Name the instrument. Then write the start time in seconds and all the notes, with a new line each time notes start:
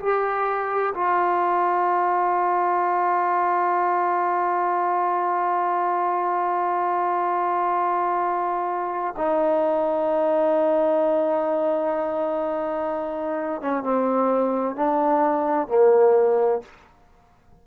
trombone
0.00 G4
0.95 F4
9.17 D#4
13.62 C#4
13.83 C4
14.76 D4
15.68 A#3